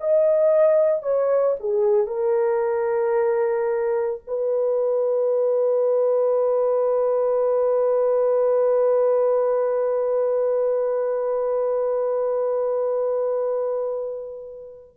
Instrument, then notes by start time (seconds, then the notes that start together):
horn
0.00 D#5
1.03 C#5
1.60 G#4
2.07 A#4
4.28 B4